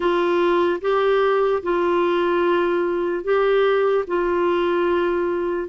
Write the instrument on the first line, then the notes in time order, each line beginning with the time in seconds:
clarinet
0.00 F4
0.81 G4
1.62 F4
3.24 G4
4.07 F4